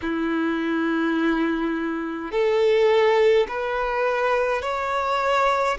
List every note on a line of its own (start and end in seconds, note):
0.01 2.31 E4
2.31 3.46 A4
3.48 4.62 B4
4.62 5.77 C#5